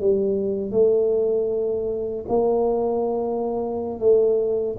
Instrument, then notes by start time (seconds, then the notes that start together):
tuba
0.00 G3
0.71 A3
2.28 A#3
3.99 A3